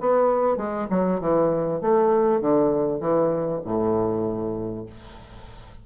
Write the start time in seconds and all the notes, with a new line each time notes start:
0.00 B3
0.57 G#3
0.90 F#3
1.20 E3
1.81 A3
2.41 D3
3.00 E3
3.65 A2